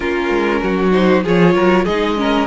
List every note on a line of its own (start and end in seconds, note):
0.00 0.29 A#3
0.00 0.91 C#4
0.00 0.60 F4
0.00 0.90 A#4
0.29 0.60 G#3
0.62 1.24 F#3
0.62 1.23 F#4
0.91 1.22 D#4
0.91 1.23 C5
1.23 1.54 F3
1.23 1.87 F4
1.23 1.54 G#4
1.23 1.85 C#5
1.54 1.85 F#3
1.54 1.84 A#4
1.84 2.47 G#3
1.84 2.16 D#4
1.84 2.15 G#4
1.84 2.47 D#5
2.16 2.47 C#4
2.16 2.47 A#4